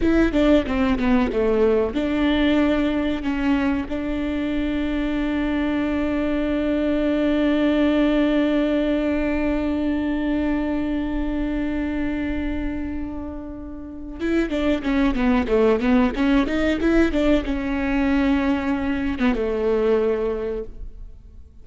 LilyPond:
\new Staff \with { instrumentName = "viola" } { \time 4/4 \tempo 4 = 93 e'8 d'8 c'8 b8 a4 d'4~ | d'4 cis'4 d'2~ | d'1~ | d'1~ |
d'1~ | d'2 e'8 d'8 cis'8 b8 | a8 b8 cis'8 dis'8 e'8 d'8 cis'4~ | cis'4.~ cis'16 b16 a2 | }